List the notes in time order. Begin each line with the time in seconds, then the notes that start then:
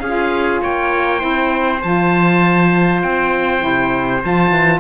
0.00 C#4 F4 G#4 F5
0.62 A#3 C#5 G5
1.19 C4 E4 C5
1.82 F3 F4 A5
3.03 C4 G5
3.59 C3 E4
4.22 F3 F4 A5
4.51 E3